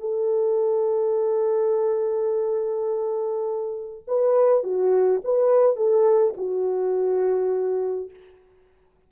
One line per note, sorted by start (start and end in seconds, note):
0.00 4.04 A4
4.08 4.64 B4
4.64 5.21 F#4
5.24 5.77 B4
5.77 6.34 A4
6.37 8.10 F#4